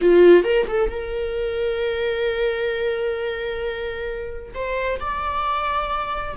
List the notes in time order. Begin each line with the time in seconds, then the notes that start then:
0.01 F4
0.43 A#4
0.68 A4
0.89 A#4
4.54 C5
4.99 D5